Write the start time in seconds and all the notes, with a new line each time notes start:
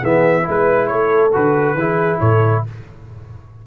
0.00 E3 B3 G#4 E5
0.43 G#3 E4 B4
0.50 B4
0.87 A3 A4 C#5
1.33 D3 F#4 B4
1.74 E3 E4 G#4
2.20 A2 A4 C#5